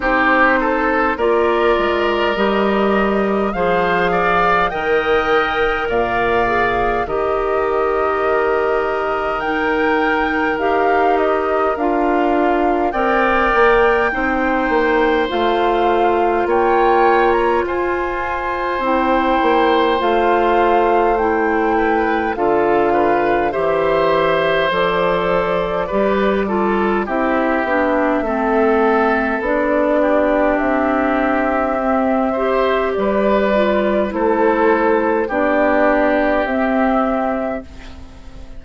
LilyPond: <<
  \new Staff \with { instrumentName = "flute" } { \time 4/4 \tempo 4 = 51 c''4 d''4 dis''4 f''4 | g''4 f''4 dis''2 | g''4 f''8 dis''8 f''4 g''4~ | g''4 f''4 g''8. ais''16 gis''4 |
g''4 f''4 g''4 f''4 | e''4 d''2 e''4~ | e''4 d''4 e''2 | d''4 c''4 d''4 e''4 | }
  \new Staff \with { instrumentName = "oboe" } { \time 4/4 g'8 a'8 ais'2 c''8 d''8 | dis''4 d''4 ais'2~ | ais'2. d''4 | c''2 cis''4 c''4~ |
c''2~ c''8 b'8 a'8 b'8 | c''2 b'8 a'8 g'4 | a'4. g'2 c''8 | b'4 a'4 g'2 | }
  \new Staff \with { instrumentName = "clarinet" } { \time 4/4 dis'4 f'4 g'4 gis'4 | ais'4. gis'8 g'2 | dis'4 g'4 f'4 ais'4 | dis'4 f'2. |
e'4 f'4 e'4 f'4 | g'4 a'4 g'8 f'8 e'8 d'8 | c'4 d'2 c'8 g'8~ | g'8 f'8 e'4 d'4 c'4 | }
  \new Staff \with { instrumentName = "bassoon" } { \time 4/4 c'4 ais8 gis8 g4 f4 | dis4 ais,4 dis2~ | dis4 dis'4 d'4 c'8 ais8 | c'8 ais8 a4 ais4 f'4 |
c'8 ais8 a2 d4 | e4 f4 g4 c'8 b8 | a4 b4 c'2 | g4 a4 b4 c'4 | }
>>